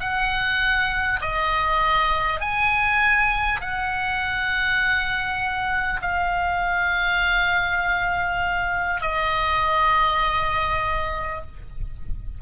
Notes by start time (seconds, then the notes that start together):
0.00 F#5
1.22 D#5
2.41 G#5
3.61 F#5
6.02 F5
9.02 D#5